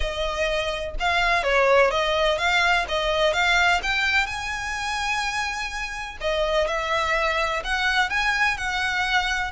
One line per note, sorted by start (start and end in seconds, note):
0.00 0.95 D#5
0.99 1.43 F5
1.43 1.90 C#5
1.90 2.38 D#5
2.38 2.85 F5
2.88 3.33 D#5
3.33 3.81 F5
3.82 4.26 G5
4.26 6.17 G#5
6.20 6.67 D#5
6.67 7.62 E5
7.64 8.09 F#5
8.09 8.57 G#5
8.57 9.51 F#5